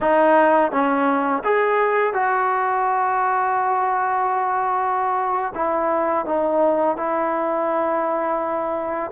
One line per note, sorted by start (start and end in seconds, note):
0.00 0.71 D#4
0.71 1.43 C#4
1.44 2.13 G#4
2.13 5.53 F#4
5.55 6.25 E4
6.25 6.96 D#4
6.96 9.11 E4